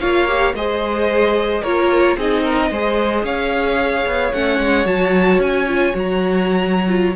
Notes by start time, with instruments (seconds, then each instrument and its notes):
0.00 cello A#3, viola F4, violin C#5 F5
0.27 viola G4
0.53 cello G#3, viola G#4, violin C5 D#5
1.62 cello A#3, viola F4, violin A#4 C#5
2.16 cello C4, viola D#4, violin G#4 D#5
2.43 violin A#4
2.70 cello G#3, viola G#4, violin C5
3.23 cello C#4, violin C#5 F5
4.06 cello B3
4.33 cello A3, viola C#4, violin F#5
4.59 cello G#3
4.85 cello F#3, viola F#4, violin A5
5.38 cello C#4, violin G#5
5.68 viola F4
5.92 cello F#3, viola F#4, violin A#5
6.87 viola F4